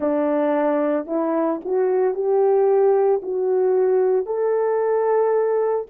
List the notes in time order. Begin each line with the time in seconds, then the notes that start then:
0.00 D4
1.06 E4
1.64 F#4
2.14 G4
3.22 F#4
4.26 A4